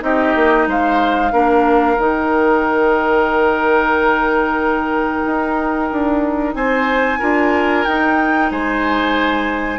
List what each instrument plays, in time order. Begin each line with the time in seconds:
0.00 bassoon C4, clarinet D#4, oboe G4, flute D#5
0.35 bassoon A#3
0.67 bassoon G#3, oboe C5, flute F5
1.32 bassoon A#3, clarinet D4, oboe A#4
1.98 bassoon D#3, clarinet D#4, flute G5
5.26 bassoon D#4
5.92 bassoon D4
6.54 bassoon C4, oboe C5, flute G#5
7.19 bassoon D4, clarinet F4, oboe A#4
7.84 bassoon D#4, clarinet D#4, flute G5
8.51 bassoon G#3, oboe C5, flute G#5